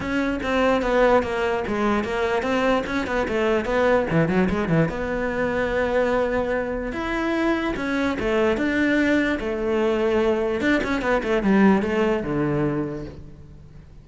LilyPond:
\new Staff \with { instrumentName = "cello" } { \time 4/4 \tempo 4 = 147 cis'4 c'4 b4 ais4 | gis4 ais4 c'4 cis'8 b8 | a4 b4 e8 fis8 gis8 e8 | b1~ |
b4 e'2 cis'4 | a4 d'2 a4~ | a2 d'8 cis'8 b8 a8 | g4 a4 d2 | }